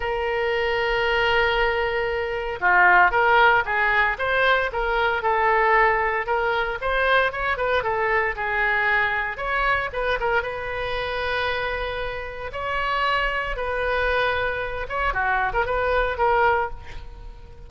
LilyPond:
\new Staff \with { instrumentName = "oboe" } { \time 4/4 \tempo 4 = 115 ais'1~ | ais'4 f'4 ais'4 gis'4 | c''4 ais'4 a'2 | ais'4 c''4 cis''8 b'8 a'4 |
gis'2 cis''4 b'8 ais'8 | b'1 | cis''2 b'2~ | b'8 cis''8 fis'8. ais'16 b'4 ais'4 | }